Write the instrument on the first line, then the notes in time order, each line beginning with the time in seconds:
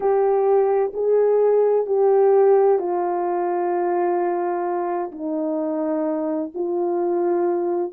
horn
0.00 G4
0.93 G#4
1.86 G4
2.78 F4
5.11 D#4
6.54 F4